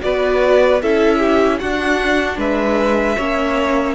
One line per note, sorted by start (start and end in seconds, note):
0.00 0.82 B3
0.00 0.79 F#4
0.00 0.82 B4
0.00 0.80 D5
0.82 1.61 C#4
0.82 1.61 E4
0.82 1.18 A4
0.82 1.58 E5
1.18 1.58 G4
1.58 2.37 D4
1.58 3.18 D4
1.58 2.38 F#4
1.58 2.37 F#5
2.37 3.16 G#3
2.37 3.16 B4
2.37 3.94 E5
3.16 3.94 A#3
3.16 3.94 C#4
3.16 3.94 C#5